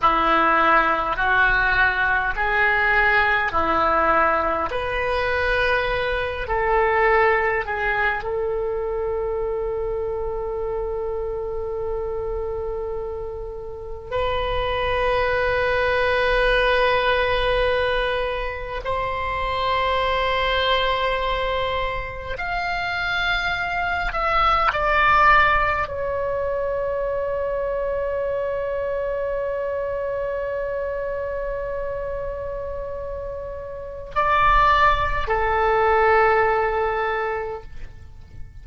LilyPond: \new Staff \with { instrumentName = "oboe" } { \time 4/4 \tempo 4 = 51 e'4 fis'4 gis'4 e'4 | b'4. a'4 gis'8 a'4~ | a'1 | b'1 |
c''2. f''4~ | f''8 e''8 d''4 cis''2~ | cis''1~ | cis''4 d''4 a'2 | }